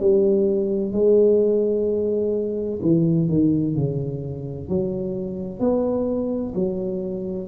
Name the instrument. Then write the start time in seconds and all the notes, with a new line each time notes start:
tuba
0.00 G3
0.92 G#3
2.82 E3
3.29 D#3
3.75 C#3
4.69 F#3
5.60 B3
6.55 F#3